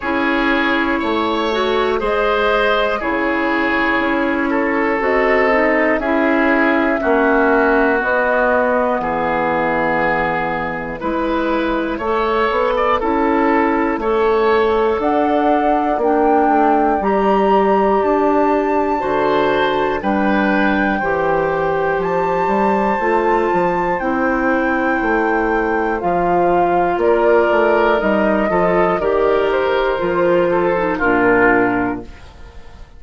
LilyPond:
<<
  \new Staff \with { instrumentName = "flute" } { \time 4/4 \tempo 4 = 60 cis''2 dis''4 cis''4~ | cis''4 dis''4 e''2 | dis''4 e''2.~ | e''2. fis''4 |
g''4 ais''4 a''2 | g''2 a''2 | g''2 f''4 d''4 | dis''4 d''8 c''4. ais'4 | }
  \new Staff \with { instrumentName = "oboe" } { \time 4/4 gis'4 cis''4 c''4 gis'4~ | gis'8 a'4. gis'4 fis'4~ | fis'4 gis'2 b'4 | cis''8. d''16 a'4 cis''4 d''4~ |
d''2. c''4 | b'4 c''2.~ | c''2. ais'4~ | ais'8 a'8 ais'4. a'8 f'4 | }
  \new Staff \with { instrumentName = "clarinet" } { \time 4/4 e'4. fis'8 gis'4 e'4~ | e'4 fis'8 dis'8 e'4 cis'4 | b2. e'4 | a'4 e'4 a'2 |
d'4 g'2 fis'4 | d'4 g'2 f'4 | e'2 f'2 | dis'8 f'8 g'4 f'8. dis'16 d'4 | }
  \new Staff \with { instrumentName = "bassoon" } { \time 4/4 cis'4 a4 gis4 cis4 | cis'4 c'4 cis'4 ais4 | b4 e2 gis4 | a8 b8 cis'4 a4 d'4 |
ais8 a8 g4 d'4 d4 | g4 e4 f8 g8 a8 f8 | c'4 a4 f4 ais8 a8 | g8 f8 dis4 f4 ais,4 | }
>>